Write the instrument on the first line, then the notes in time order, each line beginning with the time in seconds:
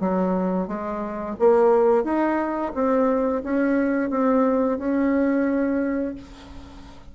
bassoon
0.00 F#3
0.68 G#3
1.39 A#3
2.04 D#4
2.74 C4
3.43 C#4
4.10 C4
4.78 C#4